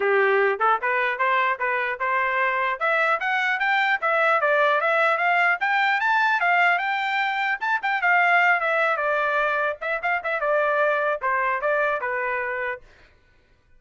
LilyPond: \new Staff \with { instrumentName = "trumpet" } { \time 4/4 \tempo 4 = 150 g'4. a'8 b'4 c''4 | b'4 c''2 e''4 | fis''4 g''4 e''4 d''4 | e''4 f''4 g''4 a''4 |
f''4 g''2 a''8 g''8 | f''4. e''4 d''4.~ | d''8 e''8 f''8 e''8 d''2 | c''4 d''4 b'2 | }